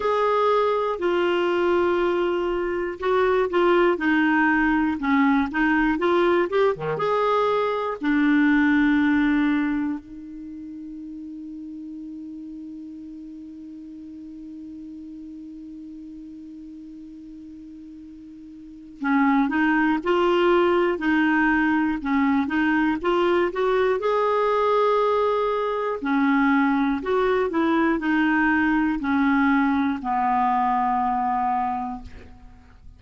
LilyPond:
\new Staff \with { instrumentName = "clarinet" } { \time 4/4 \tempo 4 = 60 gis'4 f'2 fis'8 f'8 | dis'4 cis'8 dis'8 f'8 g'16 dis16 gis'4 | d'2 dis'2~ | dis'1~ |
dis'2. cis'8 dis'8 | f'4 dis'4 cis'8 dis'8 f'8 fis'8 | gis'2 cis'4 fis'8 e'8 | dis'4 cis'4 b2 | }